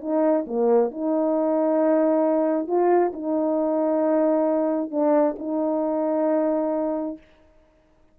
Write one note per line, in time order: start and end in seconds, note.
0.00 0.45 D#4
0.47 0.91 A#3
0.91 2.67 D#4
2.67 3.12 F4
3.13 4.91 D#4
4.91 5.35 D4
5.38 7.17 D#4